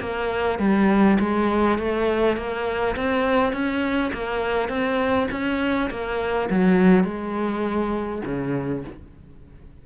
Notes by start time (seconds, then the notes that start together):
0.00 A#3
0.59 G3
1.20 G#3
1.78 A3
2.37 A#3
2.96 C4
3.53 C#4
4.13 A#3
4.69 C4
5.32 C#4
5.90 A#3
6.50 F#3
7.04 G#3
8.25 C#3